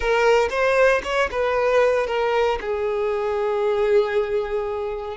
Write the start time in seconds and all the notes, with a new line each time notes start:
0.00 A#4
0.50 C5
1.03 C#5
1.31 B4
2.07 A#4
2.60 G#4